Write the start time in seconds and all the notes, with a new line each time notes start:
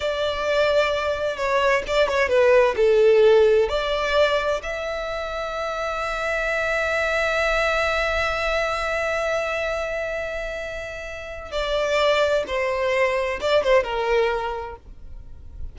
0.00 D5
1.36 C#5
1.87 D5
2.08 C#5
2.28 B4
2.76 A4
3.69 D5
4.63 E5
11.51 D5
12.47 C5
13.40 D5
13.63 C5
13.83 A#4